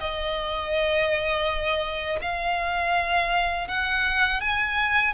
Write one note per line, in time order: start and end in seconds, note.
0.00 2.20 D#5
2.22 3.68 F5
3.68 4.41 F#5
4.41 5.14 G#5